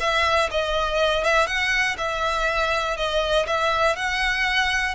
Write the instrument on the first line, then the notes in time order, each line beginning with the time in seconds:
violin
0.00 E5
0.51 D#5
1.24 E5
1.47 F#5
1.98 E5
2.97 D#5
3.47 E5
3.96 F#5